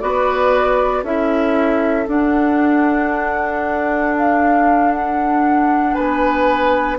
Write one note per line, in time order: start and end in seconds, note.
0.00 1.03 B3
0.00 1.04 F#4
0.00 1.03 B4
0.00 1.03 D5
1.03 2.06 C#4
1.03 2.06 E4
1.03 5.94 A4
1.03 2.08 E5
2.06 6.97 D4
2.06 5.95 D4
2.06 4.16 F#5
4.17 4.91 F5
4.91 5.94 F#5
5.94 6.98 B3
5.94 6.98 B4
5.94 6.97 G#5